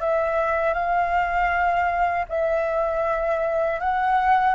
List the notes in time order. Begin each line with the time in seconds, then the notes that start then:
0.00 E5
0.73 F5
2.28 E5
3.80 F#5